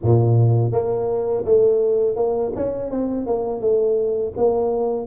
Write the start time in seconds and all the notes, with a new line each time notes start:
0.02 A#2
0.72 A#3
1.45 A3
2.16 A#3
2.55 C#4
2.90 C4
3.26 A#3
3.60 A3
4.37 A#3